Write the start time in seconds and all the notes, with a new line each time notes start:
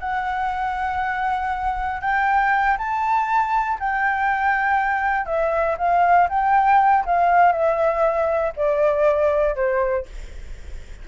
0.00 F#5
2.01 G5
2.78 A5
3.80 G5
5.26 E5
5.78 F5
6.29 G5
7.06 F5
7.52 E5
8.56 D5
9.55 C5